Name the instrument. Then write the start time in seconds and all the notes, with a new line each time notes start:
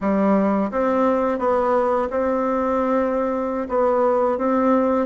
bassoon
0.00 G3
0.71 C4
1.38 B3
2.10 C4
3.68 B3
4.38 C4